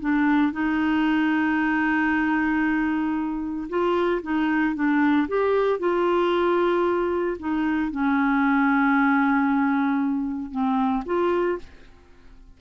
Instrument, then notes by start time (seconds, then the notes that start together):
clarinet
0.00 D4
0.52 D#4
3.69 F4
4.22 D#4
4.75 D4
5.28 G4
5.79 F4
7.39 D#4
7.91 C#4
10.51 C4
11.06 F4